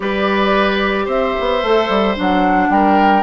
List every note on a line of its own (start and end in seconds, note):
0.00 1.07 G3
0.00 1.61 G4
0.00 1.05 B4
0.00 1.07 D5
1.05 1.34 C4
1.05 2.67 C5
1.05 2.17 E5
1.40 1.62 B3
1.62 1.88 A3
1.62 2.15 A4
1.88 2.15 G3
2.15 2.69 F#3
2.15 3.22 D4
2.15 2.70 F#5
2.69 3.22 G3
2.69 3.22 A#4
2.69 3.22 G5